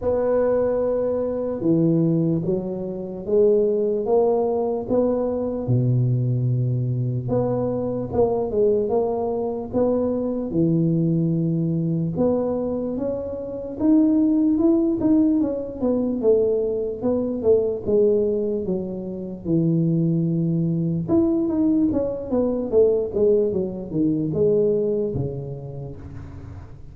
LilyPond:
\new Staff \with { instrumentName = "tuba" } { \time 4/4 \tempo 4 = 74 b2 e4 fis4 | gis4 ais4 b4 b,4~ | b,4 b4 ais8 gis8 ais4 | b4 e2 b4 |
cis'4 dis'4 e'8 dis'8 cis'8 b8 | a4 b8 a8 gis4 fis4 | e2 e'8 dis'8 cis'8 b8 | a8 gis8 fis8 dis8 gis4 cis4 | }